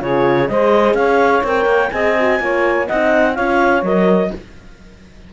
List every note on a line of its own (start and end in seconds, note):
0.00 0.48 C#3
0.00 0.48 F4
0.00 0.49 G#4
0.00 0.48 C#5
0.48 0.94 G#3
0.48 1.43 G#4
0.48 0.95 C5
0.48 0.94 D#5
0.94 1.42 C#4
0.94 1.91 C#5
0.94 1.42 F5
1.43 1.65 C4
1.43 1.91 A#4
1.43 1.91 G5
1.65 1.89 A#3
1.91 2.39 C4
1.91 2.16 G#4
1.91 2.41 D#5
1.91 2.87 G#5
2.20 2.40 F#4
2.39 2.87 A#3
2.39 2.88 F4
2.39 2.87 C#5
2.87 3.38 C4
2.87 3.35 D#4
2.87 3.34 D#5
2.87 3.35 F#5
3.34 3.82 C#4
3.34 3.83 F4
3.34 4.30 C#5
3.34 3.83 F5
3.82 4.30 F#3
3.82 4.32 A#4
3.82 4.33 D#5